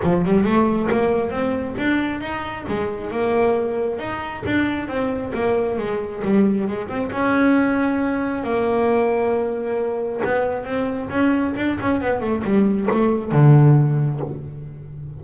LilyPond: \new Staff \with { instrumentName = "double bass" } { \time 4/4 \tempo 4 = 135 f8 g8 a4 ais4 c'4 | d'4 dis'4 gis4 ais4~ | ais4 dis'4 d'4 c'4 | ais4 gis4 g4 gis8 c'8 |
cis'2. ais4~ | ais2. b4 | c'4 cis'4 d'8 cis'8 b8 a8 | g4 a4 d2 | }